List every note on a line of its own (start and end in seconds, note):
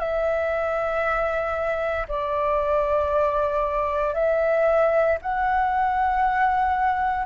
0.00 2.07 E5
2.09 4.15 D5
4.15 5.18 E5
5.22 7.26 F#5